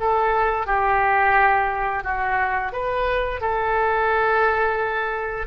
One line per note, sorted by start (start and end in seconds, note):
0.00 0.67 A4
0.67 2.04 G4
2.04 2.72 F#4
2.72 3.41 B4
3.41 5.47 A4